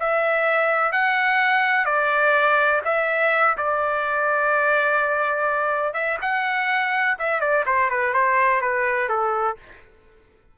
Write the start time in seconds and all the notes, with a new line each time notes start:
0.00 E5
0.93 F#5
1.86 D5
2.85 E5
3.58 D5
5.94 E5
6.22 F#5
7.19 E5
7.41 D5
7.67 C5
7.90 B4
8.14 C5
8.62 B4
9.09 A4